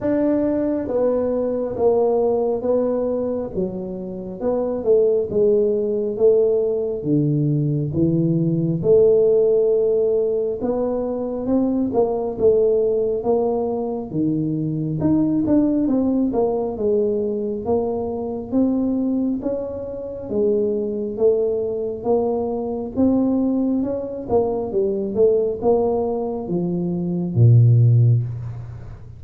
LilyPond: \new Staff \with { instrumentName = "tuba" } { \time 4/4 \tempo 4 = 68 d'4 b4 ais4 b4 | fis4 b8 a8 gis4 a4 | d4 e4 a2 | b4 c'8 ais8 a4 ais4 |
dis4 dis'8 d'8 c'8 ais8 gis4 | ais4 c'4 cis'4 gis4 | a4 ais4 c'4 cis'8 ais8 | g8 a8 ais4 f4 ais,4 | }